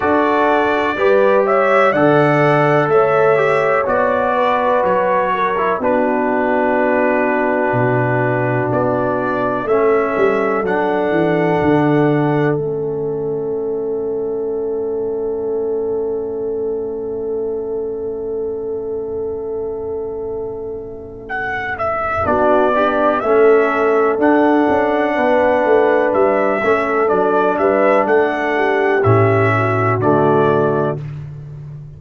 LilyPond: <<
  \new Staff \with { instrumentName = "trumpet" } { \time 4/4 \tempo 4 = 62 d''4. e''8 fis''4 e''4 | d''4 cis''4 b'2~ | b'4 d''4 e''4 fis''4~ | fis''4 e''2.~ |
e''1~ | e''2 fis''8 e''8 d''4 | e''4 fis''2 e''4 | d''8 e''8 fis''4 e''4 d''4 | }
  \new Staff \with { instrumentName = "horn" } { \time 4/4 a'4 b'8 cis''8 d''4 cis''4~ | cis''8 b'4 ais'8 fis'2~ | fis'2 a'2~ | a'1~ |
a'1~ | a'2. fis'8 d'8 | a'2 b'4. a'8~ | a'8 b'8 a'8 g'4 fis'4. | }
  \new Staff \with { instrumentName = "trombone" } { \time 4/4 fis'4 g'4 a'4. g'8 | fis'4.~ fis'16 e'16 d'2~ | d'2 cis'4 d'4~ | d'4 cis'2.~ |
cis'1~ | cis'2. d'8 g'8 | cis'4 d'2~ d'8 cis'8 | d'2 cis'4 a4 | }
  \new Staff \with { instrumentName = "tuba" } { \time 4/4 d'4 g4 d4 a4 | b4 fis4 b2 | b,4 b4 a8 g8 fis8 e8 | d4 a2.~ |
a1~ | a2. b4 | a4 d'8 cis'8 b8 a8 g8 a8 | fis8 g8 a4 a,4 d4 | }
>>